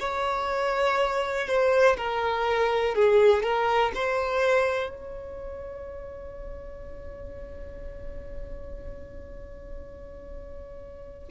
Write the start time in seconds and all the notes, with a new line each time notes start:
0.00 C#5
1.48 C5
1.97 A#4
2.95 G#4
3.43 A#4
3.95 C5
4.90 C#5